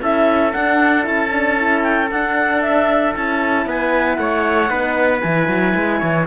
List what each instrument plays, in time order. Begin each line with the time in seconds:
0.00 cello C#4, horn E4, trumpet A4, clarinet E5
0.53 horn D4, cello D4, clarinet F#5
1.02 cello C#4, horn E4, clarinet A5
1.31 horn D4
1.56 horn E4
1.83 clarinet G5
2.11 cello D4, horn D4, clarinet F#5
2.61 clarinet E5
3.13 cello C#4, horn E4, clarinet A5
3.66 cello B3, trumpet B4, clarinet G#5
4.15 cello A3, trumpet C#5, clarinet F#5
4.68 cello B3, horn D#4, trumpet B4
5.20 cello E3, horn E4, clarinet G#5
5.48 cello F#3
5.75 cello G#3
5.98 cello E3, trumpet C#5